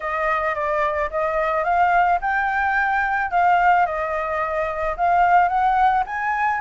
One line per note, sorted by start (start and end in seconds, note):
0.00 0.54 D#5
0.54 1.09 D5
1.10 1.64 D#5
1.64 2.19 F5
2.21 3.30 G5
3.30 3.85 F5
3.85 4.95 D#5
4.96 5.48 F5
5.48 6.03 F#5
6.06 6.60 G#5